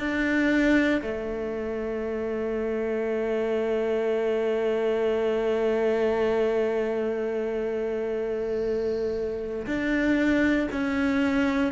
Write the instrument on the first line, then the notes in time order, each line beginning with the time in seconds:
cello
0.00 D4
1.02 A3
9.67 D4
10.72 C#4